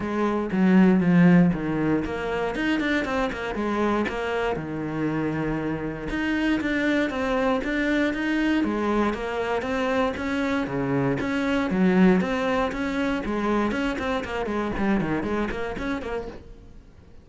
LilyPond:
\new Staff \with { instrumentName = "cello" } { \time 4/4 \tempo 4 = 118 gis4 fis4 f4 dis4 | ais4 dis'8 d'8 c'8 ais8 gis4 | ais4 dis2. | dis'4 d'4 c'4 d'4 |
dis'4 gis4 ais4 c'4 | cis'4 cis4 cis'4 fis4 | c'4 cis'4 gis4 cis'8 c'8 | ais8 gis8 g8 dis8 gis8 ais8 cis'8 ais8 | }